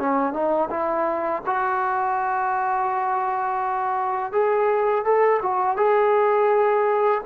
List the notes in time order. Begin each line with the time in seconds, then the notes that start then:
0.00 C#4
0.34 D#4
0.71 E4
1.47 F#4
4.33 G#4
5.05 A4
5.43 F#4
5.77 G#4